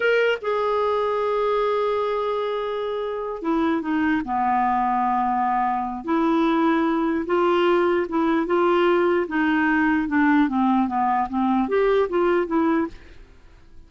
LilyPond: \new Staff \with { instrumentName = "clarinet" } { \time 4/4 \tempo 4 = 149 ais'4 gis'2.~ | gis'1~ | gis'8 e'4 dis'4 b4.~ | b2. e'4~ |
e'2 f'2 | e'4 f'2 dis'4~ | dis'4 d'4 c'4 b4 | c'4 g'4 f'4 e'4 | }